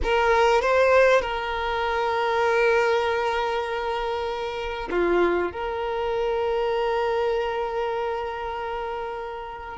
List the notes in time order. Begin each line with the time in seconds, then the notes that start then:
0.03 A#4
0.61 C5
1.21 A#4
4.90 F4
5.52 A#4